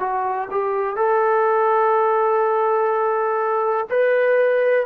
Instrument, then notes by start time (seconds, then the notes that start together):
trombone
0.00 F#4
0.51 G4
0.96 A4
3.90 B4